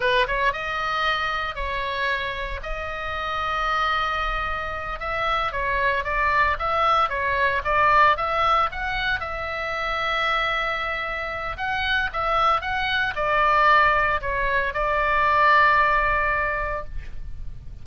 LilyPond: \new Staff \with { instrumentName = "oboe" } { \time 4/4 \tempo 4 = 114 b'8 cis''8 dis''2 cis''4~ | cis''4 dis''2.~ | dis''4. e''4 cis''4 d''8~ | d''8 e''4 cis''4 d''4 e''8~ |
e''8 fis''4 e''2~ e''8~ | e''2 fis''4 e''4 | fis''4 d''2 cis''4 | d''1 | }